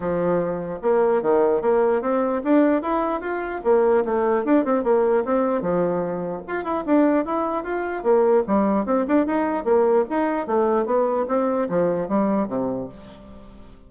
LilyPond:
\new Staff \with { instrumentName = "bassoon" } { \time 4/4 \tempo 4 = 149 f2 ais4 dis4 | ais4 c'4 d'4 e'4 | f'4 ais4 a4 d'8 c'8 | ais4 c'4 f2 |
f'8 e'8 d'4 e'4 f'4 | ais4 g4 c'8 d'8 dis'4 | ais4 dis'4 a4 b4 | c'4 f4 g4 c4 | }